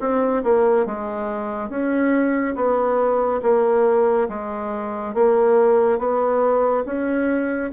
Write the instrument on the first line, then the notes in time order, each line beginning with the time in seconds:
bassoon
0.00 C4
0.43 A#3
0.86 G#3
1.69 C#4
2.55 B3
3.42 A#3
4.29 G#3
5.14 A#3
5.98 B3
6.85 C#4